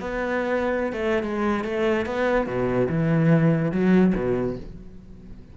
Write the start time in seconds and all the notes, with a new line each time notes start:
0.00 B3
0.93 A3
1.23 G#3
1.64 A3
2.06 B3
2.47 B2
2.89 E3
3.72 F#3
4.15 B2